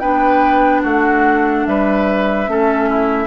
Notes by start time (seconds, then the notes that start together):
0.00 B3 D4 B4 G5
0.83 A3 F#4 F#5
1.67 G3 B4 E5
2.47 A3 C#4 A4
2.90 E4